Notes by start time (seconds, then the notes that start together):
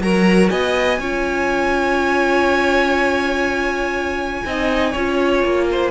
0.00 F#3 F#4 A#4 A#5
0.49 B3 D#5 G#5
0.98 C#4 F4 C#5
4.45 C4 D#4 D#5
4.91 C#4 F4 C#5
5.43 A#3
5.71 C5